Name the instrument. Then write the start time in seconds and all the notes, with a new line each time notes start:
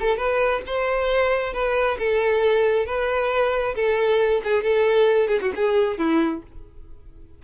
violin
0.00 A4
0.18 B4
0.67 C5
1.54 B4
1.99 A4
2.86 B4
3.76 A4
4.44 G#4
4.64 A4
5.28 G#4
5.42 F#4
5.56 G#4
5.99 E4